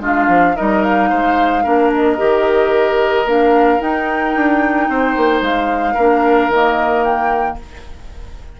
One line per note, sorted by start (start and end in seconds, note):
0.00 0.27 G#3
0.00 0.55 D4
0.00 0.55 F4
0.00 0.56 F5
0.27 0.55 F3
0.55 1.11 G3
0.55 1.63 D#4
0.55 1.09 A#4
0.55 0.83 D#5
0.83 1.91 F5
1.09 1.65 G#3
1.09 1.63 C5
1.63 2.19 A#3
1.63 2.17 D4
1.63 4.87 A#4
1.93 3.27 D#5
2.17 3.25 D#3
2.17 3.25 G4
3.25 3.79 A#3
3.25 3.79 D4
3.25 3.81 F5
3.79 5.95 D#4
3.79 4.35 D#4
3.79 5.43 G5
4.35 4.88 D4
4.88 5.15 C4
4.88 5.93 C5
5.16 5.41 A#3
5.41 5.95 G#3
5.41 6.51 F5
5.93 6.48 A#3
5.93 6.52 D4
5.93 7.56 A#4
6.48 7.56 D#3
6.48 7.60 A#3
6.48 7.03 D#5
7.03 7.57 G5